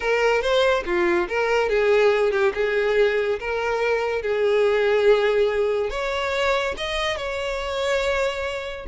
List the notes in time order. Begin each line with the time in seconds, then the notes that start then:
0.00 A#4
0.41 C5
0.85 F4
1.28 A#4
1.69 G#4
2.31 G4
2.54 G#4
3.39 A#4
4.22 G#4
5.90 C#5
6.77 D#5
7.17 C#5